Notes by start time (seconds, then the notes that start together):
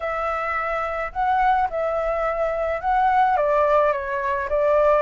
0.00 E5
1.12 F#5
1.70 E5
2.80 F#5
3.36 D5
3.92 C#5
4.49 D5